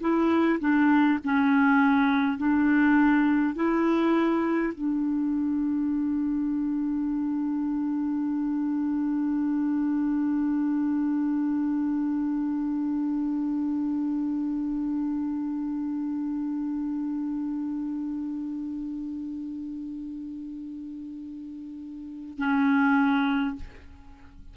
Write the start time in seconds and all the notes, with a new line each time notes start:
0.00 E4
0.60 D4
1.24 C#4
2.37 D4
3.55 E4
4.74 D4
22.38 C#4